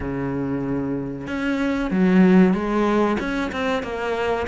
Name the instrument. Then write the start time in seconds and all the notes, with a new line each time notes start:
cello
0.00 C#3
1.27 C#4
1.91 F#3
2.53 G#3
3.19 C#4
3.52 C4
3.82 A#3